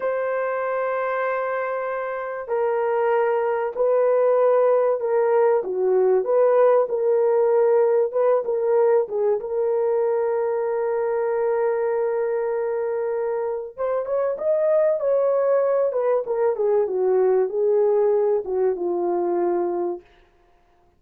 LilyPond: \new Staff \with { instrumentName = "horn" } { \time 4/4 \tempo 4 = 96 c''1 | ais'2 b'2 | ais'4 fis'4 b'4 ais'4~ | ais'4 b'8 ais'4 gis'8 ais'4~ |
ais'1~ | ais'2 c''8 cis''8 dis''4 | cis''4. b'8 ais'8 gis'8 fis'4 | gis'4. fis'8 f'2 | }